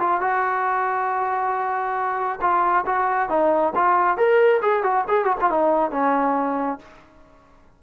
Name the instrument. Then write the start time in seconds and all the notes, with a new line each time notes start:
trombone
0.00 F4
0.21 F#4
2.41 F4
2.86 F#4
3.29 D#4
3.76 F4
4.17 A#4
4.62 G#4
4.83 F#4
5.08 G#4
5.25 F#4
5.41 F4
5.51 D#4
5.91 C#4